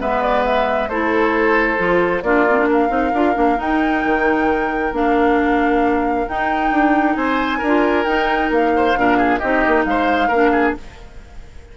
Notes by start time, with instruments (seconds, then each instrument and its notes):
0.00 bassoon G#3, clarinet B3, oboe B4, flute E5
0.22 flute D5
0.45 flute E5
0.89 bassoon A3, clarinet E4, oboe A4, flute C5
1.78 bassoon F3, clarinet F4
2.22 bassoon A#3, clarinet D4, oboe F4, flute D5
2.50 clarinet C4
2.58 clarinet D4
2.69 oboe A#4, flute F5
2.89 bassoon C4, clarinet D#4
3.13 bassoon D4, clarinet F4
3.34 bassoon A#3, clarinet D4
3.57 clarinet D#4, bassoon D#4, flute G5
4.05 bassoon D#3
4.92 bassoon A#3, clarinet D4, flute F5
6.28 clarinet D#4, bassoon D#4, flute G5
6.71 bassoon D4
7.16 bassoon C4, oboe C5, flute G#5
7.59 bassoon D4, oboe A#4
7.67 clarinet F4
8.05 clarinet D#4, bassoon D#4, flute G5
8.50 bassoon A#3, flute F5
8.76 oboe C5
8.97 bassoon A#2, clarinet D4, oboe A#4
9.18 oboe G#4
9.39 bassoon C4, clarinet D#4, oboe G4, flute D#5
9.67 bassoon A#3
9.84 bassoon G#3, oboe C5, flute F5
10.28 bassoon A#3, clarinet D4, oboe A#4
10.52 oboe G#4